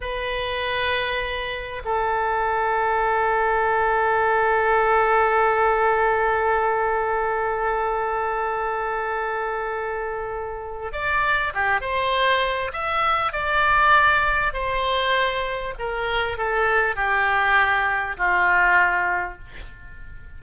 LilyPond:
\new Staff \with { instrumentName = "oboe" } { \time 4/4 \tempo 4 = 99 b'2. a'4~ | a'1~ | a'1~ | a'1~ |
a'2 d''4 g'8 c''8~ | c''4 e''4 d''2 | c''2 ais'4 a'4 | g'2 f'2 | }